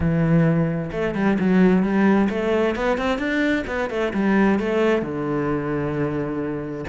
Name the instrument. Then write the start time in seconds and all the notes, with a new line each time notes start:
cello
0.00 E3
0.91 A3
1.15 G3
1.39 F#3
1.82 G3
2.29 A3
2.75 B3
2.97 C4
3.18 D4
3.66 B3
3.90 A3
4.13 G3
4.59 A3
5.02 D3